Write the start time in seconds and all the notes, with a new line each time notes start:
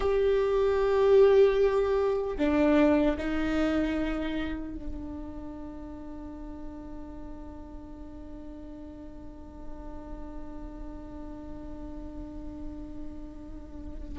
0.00 G4
2.37 D4
3.17 D#4
4.74 D4